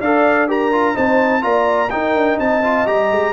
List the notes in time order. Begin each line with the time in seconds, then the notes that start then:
0.00 D4 A4 D5 F5
0.48 G4 A#4 A#5
0.72 F4
0.94 C4 D#4 C5 A5
1.41 A#3 F4 D5 A#5
1.90 D#4 A#4 G5
2.14 D4
2.39 C4 D#5 A5
2.63 F4
2.86 G3 G4 A#5
3.11 G#3